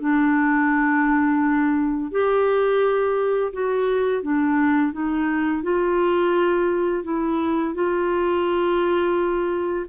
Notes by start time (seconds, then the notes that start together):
0.00 D4
2.11 G4
3.53 F#4
4.23 D4
4.93 D#4
5.63 F4
7.04 E4
7.75 F4